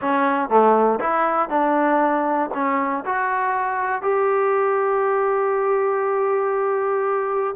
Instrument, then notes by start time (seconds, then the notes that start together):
trombone
0.01 C#4
0.49 A3
0.99 E4
1.49 D4
2.54 C#4
3.05 F#4
4.02 G4